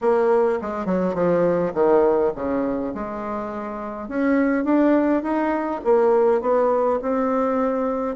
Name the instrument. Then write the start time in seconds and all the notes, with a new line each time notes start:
bassoon
0.01 A#3
0.61 G#3
0.85 F#3
1.14 F3
1.73 D#3
2.35 C#3
2.94 G#3
4.08 C#4
4.64 D4
5.22 D#4
5.84 A#3
6.41 B3
7.02 C4